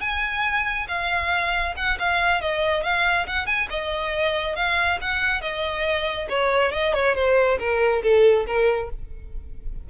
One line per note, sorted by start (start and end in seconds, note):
0.00 0.86 G#5
0.88 1.74 F5
1.76 1.97 F#5
1.99 2.41 F5
2.41 2.83 D#5
2.83 3.26 F5
3.26 3.46 F#5
3.46 3.67 G#5
3.70 4.55 D#5
4.55 4.98 F5
5.01 5.41 F#5
5.41 6.27 D#5
6.29 6.72 C#5
6.72 6.93 D#5
6.93 7.15 C#5
7.15 7.58 C5
7.59 8.02 A#4
8.02 8.45 A4
8.46 8.89 A#4